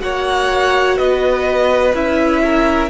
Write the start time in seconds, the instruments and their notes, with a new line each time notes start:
0.00 cello A#3, viola F#4, violin C#5 F#5
0.98 cello B3, violin B4 D#5
1.94 cello C#4, viola E4, violin E5
2.45 violin A#4